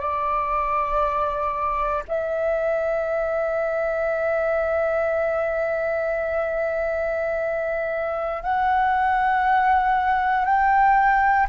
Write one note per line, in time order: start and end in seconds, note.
0.00 2.03 D5
2.08 8.43 E5
8.43 10.45 F#5
10.45 11.47 G5